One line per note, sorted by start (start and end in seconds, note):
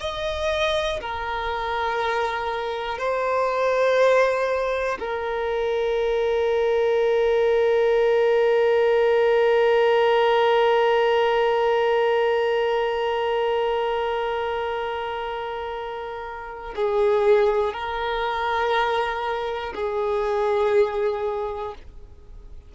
0.00 1.00 D#5
1.00 2.98 A#4
2.98 4.98 C5
4.99 16.74 A#4
16.75 17.73 G#4
17.73 19.73 A#4
19.75 21.75 G#4